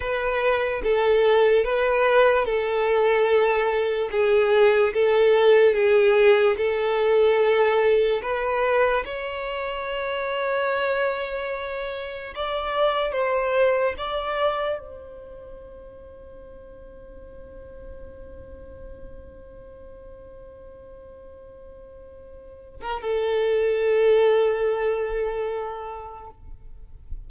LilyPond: \new Staff \with { instrumentName = "violin" } { \time 4/4 \tempo 4 = 73 b'4 a'4 b'4 a'4~ | a'4 gis'4 a'4 gis'4 | a'2 b'4 cis''4~ | cis''2. d''4 |
c''4 d''4 c''2~ | c''1~ | c''2.~ c''8. ais'16 | a'1 | }